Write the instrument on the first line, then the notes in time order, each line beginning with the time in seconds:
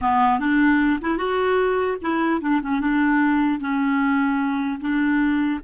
clarinet
0.01 B3
0.39 D4
1.01 E4
1.17 F#4
2.01 E4
2.41 D4
2.61 C#4
2.80 D4
3.60 C#4
4.80 D4